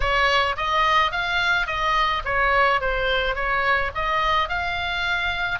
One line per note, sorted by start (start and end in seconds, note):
0.00 0.56 C#5
0.56 1.11 D#5
1.11 1.66 F5
1.66 2.23 D#5
2.24 2.80 C#5
2.80 3.35 C5
3.35 3.91 C#5
3.94 4.49 D#5
4.49 5.59 F5